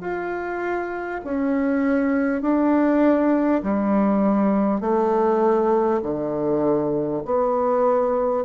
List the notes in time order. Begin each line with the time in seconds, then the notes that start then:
0.00 F4
1.24 C#4
2.41 D4
3.63 G3
4.81 A3
6.02 D3
7.25 B3